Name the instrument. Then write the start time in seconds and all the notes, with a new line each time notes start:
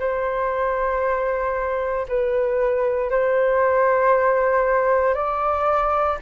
flute
0.00 C5
2.09 B4
3.10 C5
5.14 D5